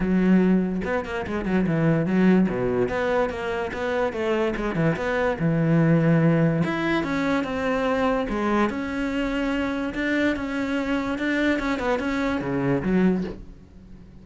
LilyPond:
\new Staff \with { instrumentName = "cello" } { \time 4/4 \tempo 4 = 145 fis2 b8 ais8 gis8 fis8 | e4 fis4 b,4 b4 | ais4 b4 a4 gis8 e8 | b4 e2. |
e'4 cis'4 c'2 | gis4 cis'2. | d'4 cis'2 d'4 | cis'8 b8 cis'4 cis4 fis4 | }